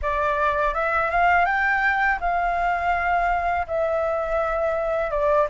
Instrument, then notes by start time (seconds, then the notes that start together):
flute
0.02 D5
0.74 E5
1.10 F5
1.45 G5
2.20 F5
3.67 E5
5.10 D5